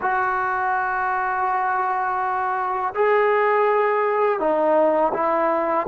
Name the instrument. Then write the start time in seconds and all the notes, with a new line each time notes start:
trombone
0.01 F#4
2.95 G#4
4.39 D#4
5.13 E4